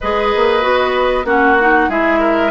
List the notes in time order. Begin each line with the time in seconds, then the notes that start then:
0.00 G#3 G#4 B4 D#5
0.35 A#3
0.61 B3 F#4
1.24 A#3 C#4 F#4 F#5
1.60 D#4
1.88 G#3 E4 G#4 E5
2.19 A#4